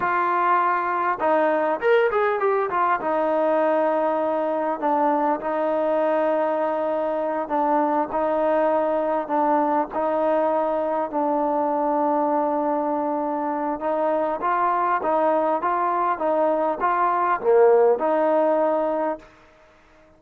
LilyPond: \new Staff \with { instrumentName = "trombone" } { \time 4/4 \tempo 4 = 100 f'2 dis'4 ais'8 gis'8 | g'8 f'8 dis'2. | d'4 dis'2.~ | dis'8 d'4 dis'2 d'8~ |
d'8 dis'2 d'4.~ | d'2. dis'4 | f'4 dis'4 f'4 dis'4 | f'4 ais4 dis'2 | }